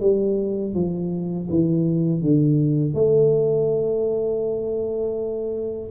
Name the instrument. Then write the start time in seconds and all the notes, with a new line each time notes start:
tuba
0.00 G3
0.74 F3
1.50 E3
2.21 D3
2.94 A3